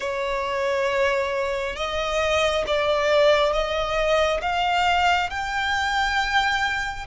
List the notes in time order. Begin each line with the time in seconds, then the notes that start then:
0.00 C#5
1.76 D#5
2.66 D5
3.52 D#5
4.41 F5
5.29 G5